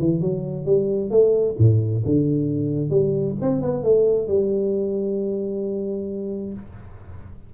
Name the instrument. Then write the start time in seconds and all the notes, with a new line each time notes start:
tuba
0.00 E3
0.22 F#3
0.66 G3
1.11 A3
1.59 A2
2.06 D3
2.91 G3
3.42 C4
3.62 B3
3.84 A3
4.28 G3